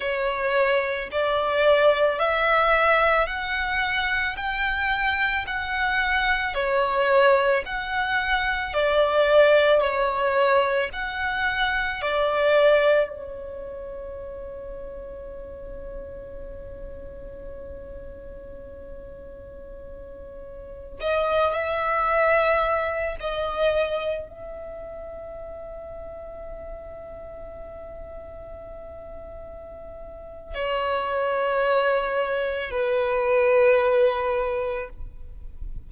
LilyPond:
\new Staff \with { instrumentName = "violin" } { \time 4/4 \tempo 4 = 55 cis''4 d''4 e''4 fis''4 | g''4 fis''4 cis''4 fis''4 | d''4 cis''4 fis''4 d''4 | cis''1~ |
cis''2.~ cis''16 dis''8 e''16~ | e''4~ e''16 dis''4 e''4.~ e''16~ | e''1 | cis''2 b'2 | }